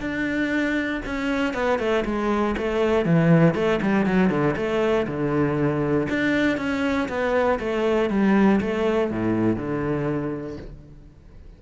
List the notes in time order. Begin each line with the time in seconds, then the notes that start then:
0.00 D4
1.05 C#4
1.54 B3
1.79 A3
2.05 G#3
2.57 A3
3.05 E3
3.54 A3
3.82 G3
4.06 F#3
4.30 D3
4.56 A3
5.07 D3
6.09 D4
6.57 C#4
7.08 B3
7.59 A3
8.10 G3
8.60 A3
9.11 A2
9.56 D3